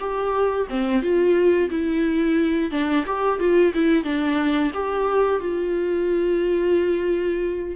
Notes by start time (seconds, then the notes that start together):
0.00 G4
0.70 C4
1.02 F4
1.70 E4
2.71 D4
3.07 G4
3.40 F4
3.74 E4
4.04 D4
4.74 G4
5.40 F4